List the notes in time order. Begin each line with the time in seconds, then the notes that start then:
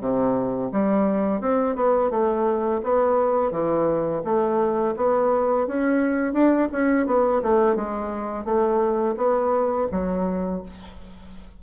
0.00 C3
0.72 G3
1.41 C4
1.75 B3
2.10 A3
2.83 B3
3.51 E3
4.24 A3
4.96 B3
5.67 C#4
6.33 D4
6.72 C#4
7.06 B3
7.42 A3
7.75 G#3
8.44 A3
9.16 B3
9.91 F#3